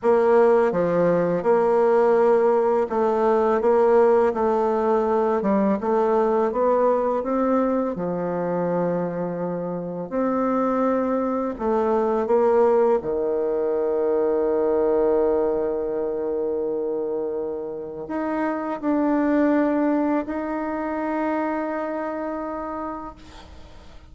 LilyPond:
\new Staff \with { instrumentName = "bassoon" } { \time 4/4 \tempo 4 = 83 ais4 f4 ais2 | a4 ais4 a4. g8 | a4 b4 c'4 f4~ | f2 c'2 |
a4 ais4 dis2~ | dis1~ | dis4 dis'4 d'2 | dis'1 | }